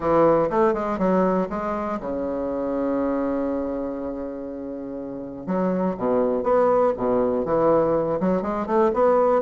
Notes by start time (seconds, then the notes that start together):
0.00 E3
0.50 A3
0.73 G#3
0.98 F#3
1.49 G#3
2.00 C#3
5.46 F#3
5.97 B2
6.43 B3
6.96 B2
7.45 E3
8.20 F#3
8.41 G#3
8.66 A3
8.93 B3